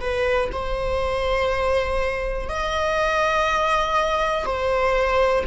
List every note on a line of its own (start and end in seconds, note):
0.00 0.49 B4
0.52 2.49 C5
2.49 4.45 D#5
4.45 5.44 C5